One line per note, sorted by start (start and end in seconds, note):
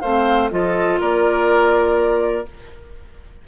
0.00 0.51 A3
0.00 0.50 C4
0.00 0.50 C5
0.00 0.49 F5
0.50 1.00 F3
0.50 2.45 F4
0.50 1.00 A4
0.50 1.00 D#5
1.00 2.47 A#3
1.00 2.46 A#4
1.00 2.47 D5